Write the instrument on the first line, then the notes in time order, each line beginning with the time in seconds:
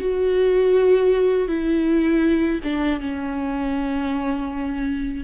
viola
0.00 F#4
1.48 E4
2.64 D4
3.00 C#4